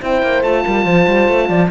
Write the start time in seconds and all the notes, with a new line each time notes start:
0.00 C4 E4 C5 G5
0.22 A#3
0.42 A3 F4 A5
0.65 G3 A#4
0.84 F3 C5
1.07 G3
1.28 A3
1.48 F3 D5